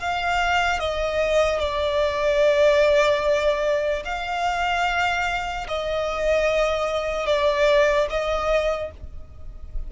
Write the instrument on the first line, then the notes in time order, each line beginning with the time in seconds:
violin
0.00 F5
0.80 D#5
1.60 D5
4.05 F5
5.68 D#5
7.26 D5
8.10 D#5